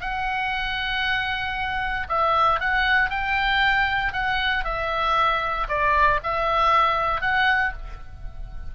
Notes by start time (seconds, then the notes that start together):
0.00 F#5
2.08 E5
2.60 F#5
3.10 G5
4.12 F#5
4.64 E5
5.68 D5
6.23 E5
7.21 F#5